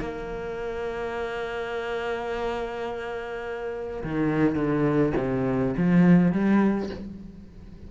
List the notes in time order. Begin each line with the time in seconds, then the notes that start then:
0.00 A#3
4.04 D#3
4.56 D3
5.17 C3
5.77 F3
6.33 G3